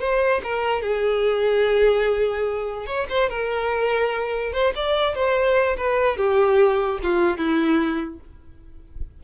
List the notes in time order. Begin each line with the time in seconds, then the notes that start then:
0.00 C5
0.43 A#4
0.81 G#4
2.86 C#5
3.09 C5
3.29 A#4
4.52 C5
4.75 D5
5.15 C5
5.77 B4
6.17 G4
7.02 F4
7.37 E4